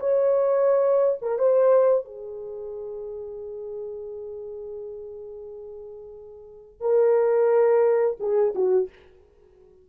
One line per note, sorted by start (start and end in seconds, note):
0.00 1.19 C#5
1.22 1.39 A#4
1.39 2.05 C5
2.05 6.81 G#4
6.81 8.17 A#4
8.20 8.54 G#4
8.55 8.89 F#4